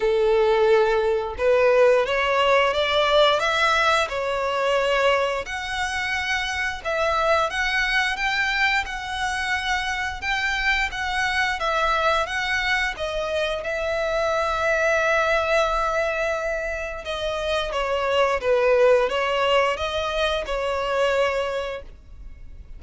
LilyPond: \new Staff \with { instrumentName = "violin" } { \time 4/4 \tempo 4 = 88 a'2 b'4 cis''4 | d''4 e''4 cis''2 | fis''2 e''4 fis''4 | g''4 fis''2 g''4 |
fis''4 e''4 fis''4 dis''4 | e''1~ | e''4 dis''4 cis''4 b'4 | cis''4 dis''4 cis''2 | }